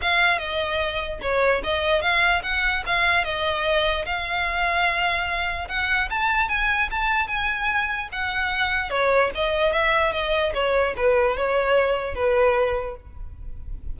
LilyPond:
\new Staff \with { instrumentName = "violin" } { \time 4/4 \tempo 4 = 148 f''4 dis''2 cis''4 | dis''4 f''4 fis''4 f''4 | dis''2 f''2~ | f''2 fis''4 a''4 |
gis''4 a''4 gis''2 | fis''2 cis''4 dis''4 | e''4 dis''4 cis''4 b'4 | cis''2 b'2 | }